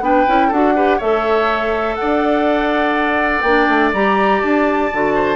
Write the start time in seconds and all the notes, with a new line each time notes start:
0.00 B3 D4 B4 G5
0.26 C#4 E4
0.47 D4 F#4 A4 F#5
0.75 G4 B4
0.97 A3 A4 C#5 E5
1.95 D5 F#5
2.02 D4
3.41 A#3 D4 G5
3.68 A3
3.93 G3 G4 A#5
4.41 D4 A5
4.93 D3 F#4
5.14 C5